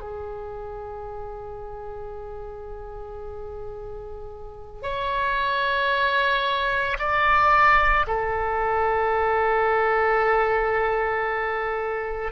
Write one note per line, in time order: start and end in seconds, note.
0.00 4.82 G#4
4.83 6.97 C#5
6.98 8.06 D5
8.06 12.31 A4